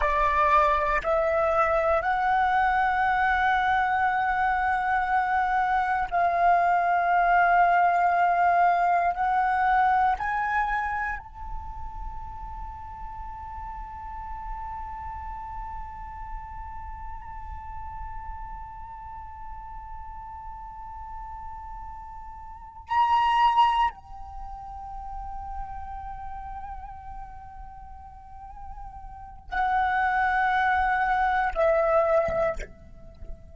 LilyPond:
\new Staff \with { instrumentName = "flute" } { \time 4/4 \tempo 4 = 59 d''4 e''4 fis''2~ | fis''2 f''2~ | f''4 fis''4 gis''4 a''4~ | a''1~ |
a''1~ | a''2~ a''8 ais''4 g''8~ | g''1~ | g''4 fis''2 e''4 | }